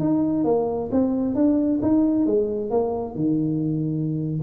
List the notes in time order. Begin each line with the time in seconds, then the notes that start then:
0.00 D#4
0.45 A#3
0.92 C4
1.35 D4
1.82 D#4
2.26 G#3
2.71 A#3
3.15 D#3